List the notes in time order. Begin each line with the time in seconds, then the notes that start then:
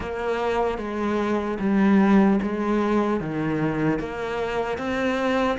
0.00 A#3
0.77 G#3
1.59 G3
2.42 G#3
3.20 D#3
3.99 A#3
4.78 C4